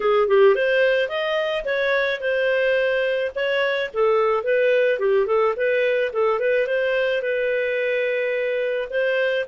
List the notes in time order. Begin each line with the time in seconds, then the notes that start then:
0.00 G#4
0.28 G4
0.55 C5
1.08 D#5
1.64 C#5
2.20 C5
3.35 C#5
3.93 A4
4.43 B4
4.99 G4
5.26 A4
5.56 B4
6.12 A4
6.39 B4
6.66 C5
7.22 B4
8.89 C5